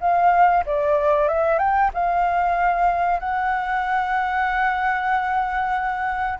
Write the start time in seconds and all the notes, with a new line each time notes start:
0.00 F5
0.65 D5
1.28 E5
1.58 G5
1.94 F5
3.19 F#5